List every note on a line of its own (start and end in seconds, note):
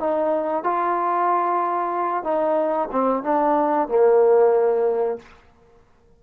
0.00 0.64 D#4
0.64 2.24 F4
2.24 2.89 D#4
2.92 3.24 C4
3.24 3.89 D4
3.89 5.19 A#3